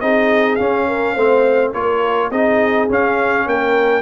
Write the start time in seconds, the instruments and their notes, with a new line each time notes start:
0.00 tuba C4, trombone D#4, horn G#4, trumpet D#5
0.55 trombone C#4, tuba C#4, trumpet F5
0.87 horn A#4
1.14 tuba A3, trombone C4, horn C5
1.73 tuba A#3, trombone F4, horn A#4, trumpet C#5
2.30 tuba C4, trombone D#4, horn G#4, trumpet D#5
2.88 trombone C#4, tuba C#4, trumpet F5
3.46 tuba A#3, horn A#4, trumpet G5